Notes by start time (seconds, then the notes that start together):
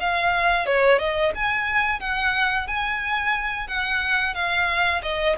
0.00 F5
0.66 C#5
0.99 D#5
1.35 G#5
2.00 F#5
2.68 G#5
3.68 F#5
4.35 F5
5.03 D#5